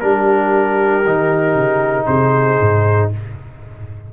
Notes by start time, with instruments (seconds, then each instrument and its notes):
0.00 tuba G3, trombone D4, horn G4, trumpet A#4
1.05 tuba D#3, trombone D#4
1.55 tuba C#3
2.06 tuba C3, horn G#4, trumpet C5
2.61 tuba G#2